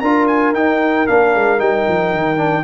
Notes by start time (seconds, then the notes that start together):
0.00 D4 F4 A#4 A#5
0.27 G#5
0.53 D#4 G5
1.07 A#3 D4 F5
1.35 G#3
1.58 G3 D#4 G5
1.89 F3
2.13 D#3
2.37 D4